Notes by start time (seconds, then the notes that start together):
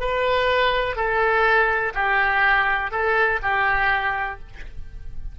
0.00 B4
0.96 A4
1.95 G4
2.91 A4
3.42 G4